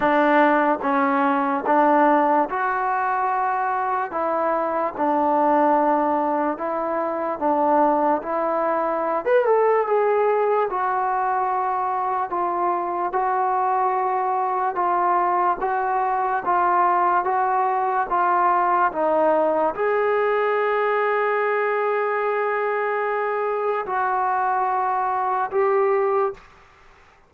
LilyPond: \new Staff \with { instrumentName = "trombone" } { \time 4/4 \tempo 4 = 73 d'4 cis'4 d'4 fis'4~ | fis'4 e'4 d'2 | e'4 d'4 e'4~ e'16 b'16 a'8 | gis'4 fis'2 f'4 |
fis'2 f'4 fis'4 | f'4 fis'4 f'4 dis'4 | gis'1~ | gis'4 fis'2 g'4 | }